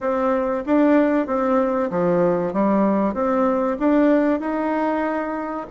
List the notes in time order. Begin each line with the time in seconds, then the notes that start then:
0.01 C4
0.65 D4
1.26 C4
1.90 F3
2.53 G3
3.14 C4
3.79 D4
4.40 D#4